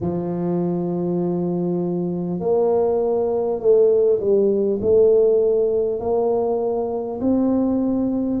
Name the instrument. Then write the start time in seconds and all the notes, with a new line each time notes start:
tuba
0.00 F3
2.40 A#3
3.59 A3
4.19 G3
4.81 A3
5.99 A#3
7.20 C4